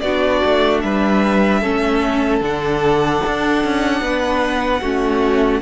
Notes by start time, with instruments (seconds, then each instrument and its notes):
0.00 cello B3, viola D4, violin F#4 D5
0.45 cello A3
0.81 cello G3, violin B4 E5
1.61 cello A3, viola C#4, violin A4
2.41 cello D3, viola D4, violin F#5
3.26 cello D4
3.64 cello C#4
4.01 cello B3, violin B4
4.81 cello A3, viola C#4, violin F#4